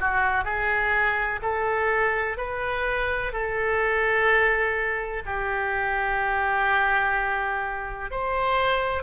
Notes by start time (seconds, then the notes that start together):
0.00 F#4
0.45 G#4
1.42 A4
2.37 B4
3.32 A4
5.26 G4
8.11 C5